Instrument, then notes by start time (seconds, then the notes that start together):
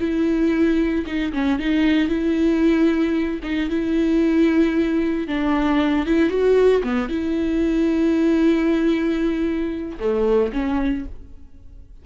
viola
0.00 E4
1.06 D#4
1.33 C#4
1.59 D#4
2.09 E4
3.44 D#4
3.70 E4
5.28 D4
6.06 E4
6.30 F#4
6.83 B3
7.09 E4
10.00 A3
10.53 C#4